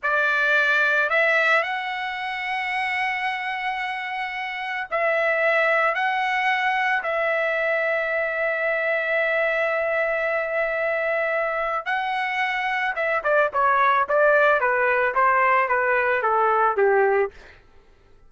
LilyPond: \new Staff \with { instrumentName = "trumpet" } { \time 4/4 \tempo 4 = 111 d''2 e''4 fis''4~ | fis''1~ | fis''4 e''2 fis''4~ | fis''4 e''2.~ |
e''1~ | e''2 fis''2 | e''8 d''8 cis''4 d''4 b'4 | c''4 b'4 a'4 g'4 | }